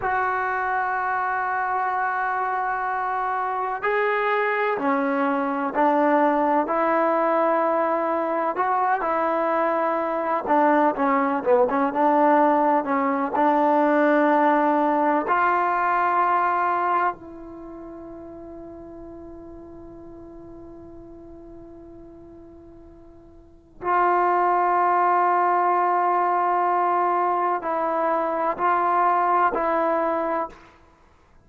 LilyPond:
\new Staff \with { instrumentName = "trombone" } { \time 4/4 \tempo 4 = 63 fis'1 | gis'4 cis'4 d'4 e'4~ | e'4 fis'8 e'4. d'8 cis'8 | b16 cis'16 d'4 cis'8 d'2 |
f'2 e'2~ | e'1~ | e'4 f'2.~ | f'4 e'4 f'4 e'4 | }